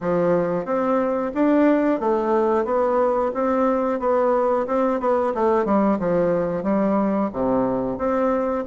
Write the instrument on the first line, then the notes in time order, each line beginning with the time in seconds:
bassoon
0.00 F3
0.65 C4
1.34 D4
2.00 A3
2.65 B3
3.34 C4
3.99 B3
4.66 C4
5.00 B3
5.34 A3
5.65 G3
5.99 F3
6.63 G3
7.32 C3
7.98 C4